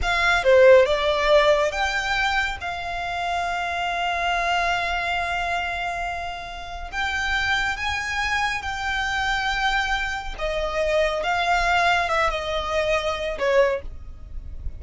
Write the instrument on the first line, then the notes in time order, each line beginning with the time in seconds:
violin
0.02 F5
0.43 C5
0.85 D5
1.71 G5
2.60 F5
6.91 G5
7.76 G#5
8.62 G5
10.38 D#5
11.23 F5
12.08 E5
12.29 D#5
13.38 C#5